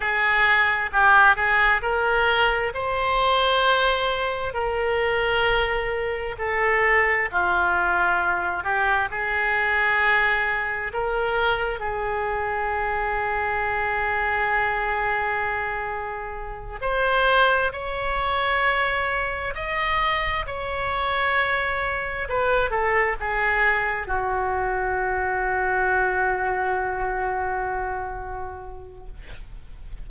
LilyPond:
\new Staff \with { instrumentName = "oboe" } { \time 4/4 \tempo 4 = 66 gis'4 g'8 gis'8 ais'4 c''4~ | c''4 ais'2 a'4 | f'4. g'8 gis'2 | ais'4 gis'2.~ |
gis'2~ gis'8 c''4 cis''8~ | cis''4. dis''4 cis''4.~ | cis''8 b'8 a'8 gis'4 fis'4.~ | fis'1 | }